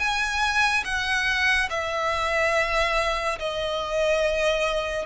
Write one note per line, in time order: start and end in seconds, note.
0.00 0.85 G#5
0.85 1.70 F#5
1.70 3.39 E5
3.39 5.06 D#5